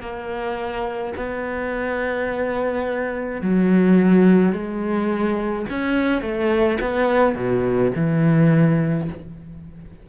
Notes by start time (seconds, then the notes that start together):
0.00 A#3
1.16 B3
3.41 F#3
4.52 G#3
5.70 C#4
6.21 A3
6.80 B3
7.35 B2
7.95 E3